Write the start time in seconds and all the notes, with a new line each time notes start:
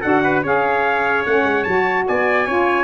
0.00 D4 F#4 A4 F#5
0.23 B4
0.43 C#4 G#4 C#5 F5
1.25 A3 C#4 F#5
1.44 G#3
1.64 F#3 F#4 A5
2.07 B3 D5 G#5
2.46 C#4 F4 C#5